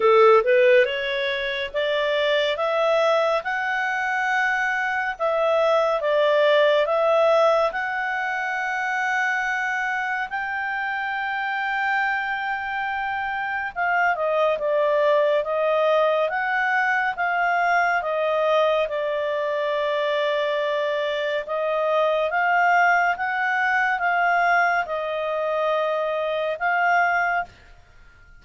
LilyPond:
\new Staff \with { instrumentName = "clarinet" } { \time 4/4 \tempo 4 = 70 a'8 b'8 cis''4 d''4 e''4 | fis''2 e''4 d''4 | e''4 fis''2. | g''1 |
f''8 dis''8 d''4 dis''4 fis''4 | f''4 dis''4 d''2~ | d''4 dis''4 f''4 fis''4 | f''4 dis''2 f''4 | }